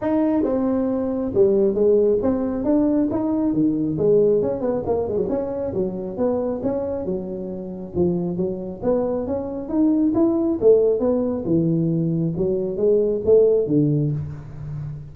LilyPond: \new Staff \with { instrumentName = "tuba" } { \time 4/4 \tempo 4 = 136 dis'4 c'2 g4 | gis4 c'4 d'4 dis'4 | dis4 gis4 cis'8 b8 ais8 gis16 fis16 | cis'4 fis4 b4 cis'4 |
fis2 f4 fis4 | b4 cis'4 dis'4 e'4 | a4 b4 e2 | fis4 gis4 a4 d4 | }